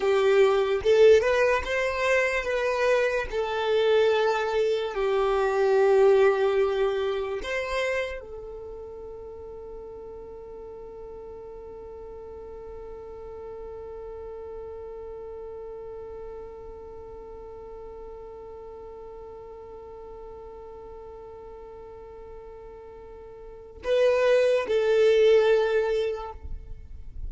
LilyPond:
\new Staff \with { instrumentName = "violin" } { \time 4/4 \tempo 4 = 73 g'4 a'8 b'8 c''4 b'4 | a'2 g'2~ | g'4 c''4 a'2~ | a'1~ |
a'1~ | a'1~ | a'1~ | a'4 b'4 a'2 | }